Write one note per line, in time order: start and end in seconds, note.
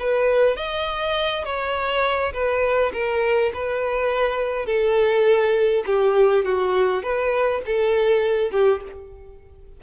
0.00 0.57 B4
0.57 1.45 D#5
1.45 2.33 C#5
2.33 2.92 B4
2.93 3.52 A#4
3.54 4.66 B4
4.66 5.84 A4
5.86 6.45 G4
6.45 7.03 F#4
7.03 7.62 B4
7.66 8.52 A4
8.52 8.81 G4